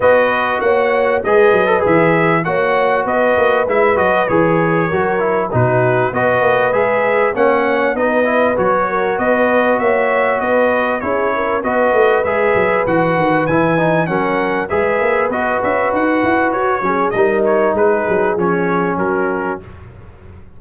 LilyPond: <<
  \new Staff \with { instrumentName = "trumpet" } { \time 4/4 \tempo 4 = 98 dis''4 fis''4 dis''4 e''4 | fis''4 dis''4 e''8 dis''8 cis''4~ | cis''4 b'4 dis''4 e''4 | fis''4 dis''4 cis''4 dis''4 |
e''4 dis''4 cis''4 dis''4 | e''4 fis''4 gis''4 fis''4 | e''4 dis''8 e''8 fis''4 cis''4 | dis''8 cis''8 b'4 cis''4 ais'4 | }
  \new Staff \with { instrumentName = "horn" } { \time 4/4 b'4 cis''4 b'2 | cis''4 b'2. | ais'4 fis'4 b'2 | cis''4 b'4. ais'8 b'4 |
cis''4 b'4 gis'8 ais'8 b'4~ | b'2. ais'4 | b'2.~ b'8 gis'8 | ais'4 gis'2 fis'4 | }
  \new Staff \with { instrumentName = "trombone" } { \time 4/4 fis'2 gis'8. a'16 gis'4 | fis'2 e'8 fis'8 gis'4 | fis'8 e'8 dis'4 fis'4 gis'4 | cis'4 dis'8 e'8 fis'2~ |
fis'2 e'4 fis'4 | gis'4 fis'4 e'8 dis'8 cis'4 | gis'4 fis'2~ fis'8 cis'8 | dis'2 cis'2 | }
  \new Staff \with { instrumentName = "tuba" } { \time 4/4 b4 ais4 gis8 fis8 e4 | ais4 b8 ais8 gis8 fis8 e4 | fis4 b,4 b8 ais8 gis4 | ais4 b4 fis4 b4 |
ais4 b4 cis'4 b8 a8 | gis8 fis8 e8 dis8 e4 fis4 | gis8 ais8 b8 cis'8 dis'8 e'8 fis'8 fis8 | g4 gis8 fis8 f4 fis4 | }
>>